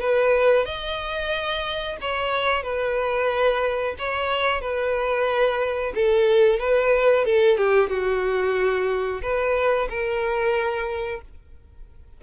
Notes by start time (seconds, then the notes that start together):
0.00 B4
0.65 D#5
2.01 C#5
2.63 B4
3.98 C#5
4.61 B4
5.95 A4
6.59 B4
7.25 A4
7.57 G4
7.89 F#4
9.22 B4
9.89 A#4